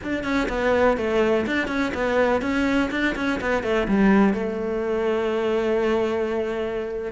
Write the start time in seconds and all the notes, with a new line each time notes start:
0.03 D4
0.23 C#4
0.48 B3
0.97 A3
1.46 D4
1.67 C#4
1.94 B3
2.41 C#4
2.91 D4
3.15 C#4
3.40 B3
3.63 A3
3.88 G3
4.33 A3